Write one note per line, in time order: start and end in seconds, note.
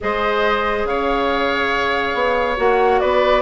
0.00 0.84 G#3
0.00 2.56 G#4
0.00 0.88 C5
0.00 0.86 D#5
0.84 2.13 C#3
0.84 3.01 C#5
0.84 2.57 F5
2.14 2.57 B3
2.56 3.01 A#3
2.56 3.42 F#4
2.56 2.99 F#5
2.99 3.42 B3
2.99 3.42 B4
2.99 3.42 D5